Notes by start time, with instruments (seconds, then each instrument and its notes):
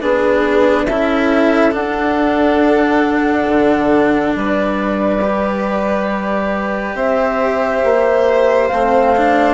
0.00 bassoon B3, cello D4, violin G#4, flute B4
0.86 bassoon C#4, cello E4, violin A4, flute E5
1.71 cello D4, bassoon D4, flute F#5
3.48 bassoon D3
4.35 bassoon G3, violin B4, flute D5
5.21 cello G4
6.94 bassoon C4, violin C5, flute E5
7.84 bassoon A#3
8.67 bassoon A3, cello C4, flute F5
9.16 cello D4